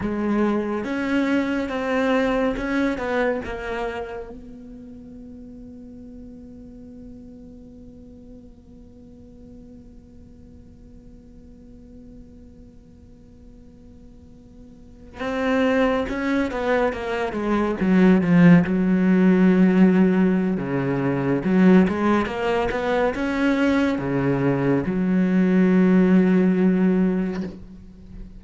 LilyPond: \new Staff \with { instrumentName = "cello" } { \time 4/4 \tempo 4 = 70 gis4 cis'4 c'4 cis'8 b8 | ais4 b2.~ | b1~ | b1~ |
b4.~ b16 c'4 cis'8 b8 ais16~ | ais16 gis8 fis8 f8 fis2~ fis16 | cis4 fis8 gis8 ais8 b8 cis'4 | cis4 fis2. | }